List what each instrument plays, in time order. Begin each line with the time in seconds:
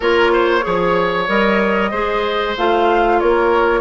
0.00 bassoon A#3, clarinet F4, oboe A#4, flute C#5
0.32 oboe C5
0.61 bassoon F3, clarinet G#4, oboe C#5
1.28 bassoon G3, clarinet A#4, flute D#5
1.90 bassoon G#3, clarinet G#4, oboe C5
2.57 bassoon A3, clarinet F4, flute F5
3.19 bassoon A#3, oboe A#4, flute C#5